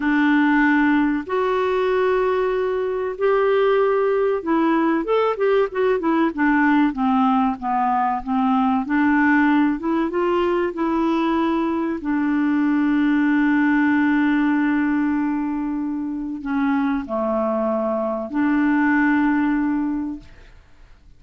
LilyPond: \new Staff \with { instrumentName = "clarinet" } { \time 4/4 \tempo 4 = 95 d'2 fis'2~ | fis'4 g'2 e'4 | a'8 g'8 fis'8 e'8 d'4 c'4 | b4 c'4 d'4. e'8 |
f'4 e'2 d'4~ | d'1~ | d'2 cis'4 a4~ | a4 d'2. | }